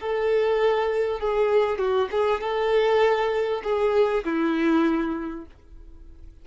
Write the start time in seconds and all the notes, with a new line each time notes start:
0.00 A4
1.20 G#4
1.78 F#4
2.11 G#4
2.40 A4
3.63 G#4
4.24 E4